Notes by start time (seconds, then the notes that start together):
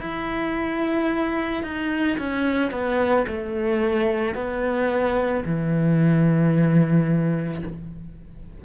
0.00 E4
1.63 D#4
2.18 C#4
2.71 B3
3.27 A3
4.34 B3
5.45 E3